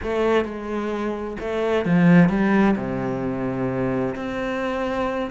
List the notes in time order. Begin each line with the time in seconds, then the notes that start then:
0.02 A3
0.44 G#3
1.40 A3
1.85 F3
2.29 G3
2.76 C3
4.15 C4